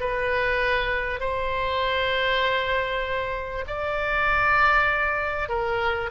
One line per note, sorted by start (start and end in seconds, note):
0.00 1.20 B4
1.20 3.65 C5
3.67 5.49 D5
5.49 6.10 A#4